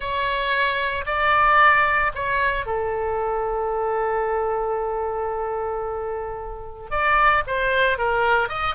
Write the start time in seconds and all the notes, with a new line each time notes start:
0.00 C#5
1.05 D5
2.14 C#5
2.66 A4
6.90 D5
7.46 C5
7.98 A#4
8.48 D#5